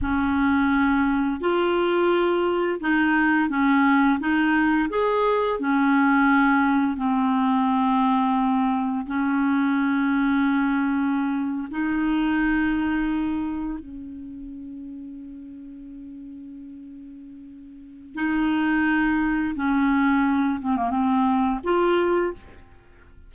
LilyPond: \new Staff \with { instrumentName = "clarinet" } { \time 4/4 \tempo 4 = 86 cis'2 f'2 | dis'4 cis'4 dis'4 gis'4 | cis'2 c'2~ | c'4 cis'2.~ |
cis'8. dis'2. cis'16~ | cis'1~ | cis'2 dis'2 | cis'4. c'16 ais16 c'4 f'4 | }